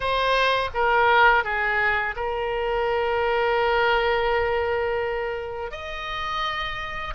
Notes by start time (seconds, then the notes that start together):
0.00 C5
0.74 A#4
1.44 G#4
2.16 A#4
5.71 D#5